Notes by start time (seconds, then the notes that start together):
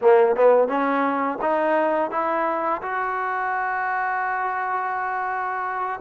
0.01 A#3
0.35 B3
0.67 C#4
1.41 D#4
2.10 E4
2.82 F#4